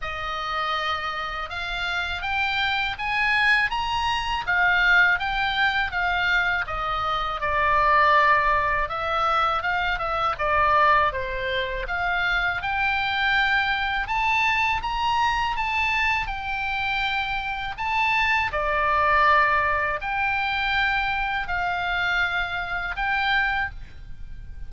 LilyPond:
\new Staff \with { instrumentName = "oboe" } { \time 4/4 \tempo 4 = 81 dis''2 f''4 g''4 | gis''4 ais''4 f''4 g''4 | f''4 dis''4 d''2 | e''4 f''8 e''8 d''4 c''4 |
f''4 g''2 a''4 | ais''4 a''4 g''2 | a''4 d''2 g''4~ | g''4 f''2 g''4 | }